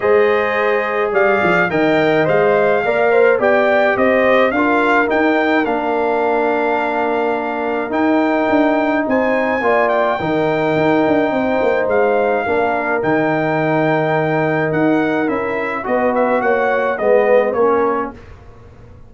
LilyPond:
<<
  \new Staff \with { instrumentName = "trumpet" } { \time 4/4 \tempo 4 = 106 dis''2 f''4 g''4 | f''2 g''4 dis''4 | f''4 g''4 f''2~ | f''2 g''2 |
gis''4. g''2~ g''8~ | g''4 f''2 g''4~ | g''2 fis''4 e''4 | dis''8 e''8 fis''4 dis''4 cis''4 | }
  \new Staff \with { instrumentName = "horn" } { \time 4/4 c''2 d''4 dis''4~ | dis''4 d''8 c''8 d''4 c''4 | ais'1~ | ais'1 |
c''4 d''4 ais'2 | c''2 ais'2~ | ais'1 | b'4 cis''4 b'4 ais'4 | }
  \new Staff \with { instrumentName = "trombone" } { \time 4/4 gis'2. ais'4 | c''4 ais'4 g'2 | f'4 dis'4 d'2~ | d'2 dis'2~ |
dis'4 f'4 dis'2~ | dis'2 d'4 dis'4~ | dis'2. e'4 | fis'2 b4 cis'4 | }
  \new Staff \with { instrumentName = "tuba" } { \time 4/4 gis2 g8 f8 dis4 | gis4 ais4 b4 c'4 | d'4 dis'4 ais2~ | ais2 dis'4 d'4 |
c'4 ais4 dis4 dis'8 d'8 | c'8 ais8 gis4 ais4 dis4~ | dis2 dis'4 cis'4 | b4 ais4 gis4 ais4 | }
>>